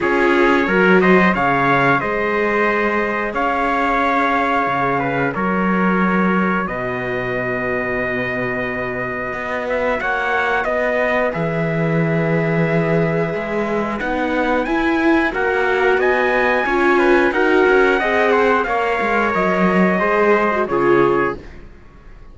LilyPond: <<
  \new Staff \with { instrumentName = "trumpet" } { \time 4/4 \tempo 4 = 90 cis''4. dis''8 f''4 dis''4~ | dis''4 f''2. | cis''2 dis''2~ | dis''2~ dis''8 e''8 fis''4 |
dis''4 e''2.~ | e''4 fis''4 gis''4 fis''4 | gis''2 fis''2 | f''4 dis''2 cis''4 | }
  \new Staff \with { instrumentName = "trumpet" } { \time 4/4 gis'4 ais'8 c''8 cis''4 c''4~ | c''4 cis''2~ cis''8 b'8 | ais'2 b'2~ | b'2. cis''4 |
b'1~ | b'2. ais'4 | dis''4 cis''8 b'8 ais'4 dis''8 c''8 | cis''2 c''4 gis'4 | }
  \new Staff \with { instrumentName = "viola" } { \time 4/4 f'4 fis'4 gis'2~ | gis'1 | fis'1~ | fis'1~ |
fis'4 gis'2.~ | gis'4 dis'4 e'4 fis'4~ | fis'4 f'4 fis'4 gis'4 | ais'2 gis'8. fis'16 f'4 | }
  \new Staff \with { instrumentName = "cello" } { \time 4/4 cis'4 fis4 cis4 gis4~ | gis4 cis'2 cis4 | fis2 b,2~ | b,2 b4 ais4 |
b4 e2. | gis4 b4 e'4 ais4 | b4 cis'4 dis'8 cis'8 c'4 | ais8 gis8 fis4 gis4 cis4 | }
>>